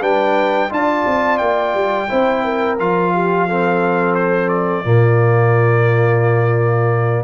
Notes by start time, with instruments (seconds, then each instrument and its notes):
0.00 tuba G3, trombone D4, horn B4, trumpet G5
0.70 tuba D4, trombone F4, horn D5, trumpet A5
1.06 tuba C4
1.38 tuba A#3, trumpet G5
1.74 tuba G3
2.08 tuba C4, trombone E4, horn C5
2.44 horn A#4
2.79 tuba F3, trombone F4, trumpet F5
3.13 horn G4
3.47 trombone C4, horn A4
4.15 trumpet C5
4.48 trumpet D5
4.84 tuba A#2, trombone A#3, horn F4